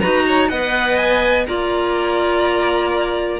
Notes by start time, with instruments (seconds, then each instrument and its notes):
0.00 cello D#4, clarinet F#4, violin B4 A#5
0.27 violin C#5
0.48 cello B3, clarinet B4, violin D#5 F#5
0.97 violin G#5
1.46 cello A#3, clarinet F4, violin D5 A#5